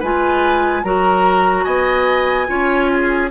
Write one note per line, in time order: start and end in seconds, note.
0.00 0.84 G#3
0.00 0.84 F4
0.00 0.82 B4
0.00 0.84 G#5
0.84 1.66 F#3
0.84 2.47 F#4
0.84 1.65 A#4
0.84 1.65 A#5
1.65 2.49 B3
1.65 2.47 D#5
1.65 3.29 G#5
2.47 3.31 C#4
2.47 3.30 F4
2.47 2.91 C#5
2.94 3.31 G#4